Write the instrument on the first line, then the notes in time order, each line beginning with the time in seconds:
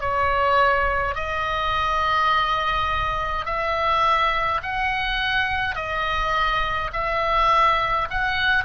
oboe
0.00 C#5
1.15 D#5
3.46 E5
4.63 F#5
5.75 D#5
6.93 E5
8.10 F#5